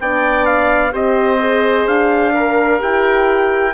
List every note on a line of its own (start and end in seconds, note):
0.00 0.94 B3
0.00 0.92 D4
0.00 0.93 D5
0.00 0.46 G5
0.46 0.93 F5
0.92 1.87 C4
0.92 1.39 G4
0.92 2.34 C5
0.92 1.88 D#5
1.40 2.34 G#4
1.87 2.81 D4
1.87 2.82 F5
2.34 3.75 A#4
2.34 2.80 A#4
2.80 3.75 E4
2.80 3.73 G4
2.80 3.75 G5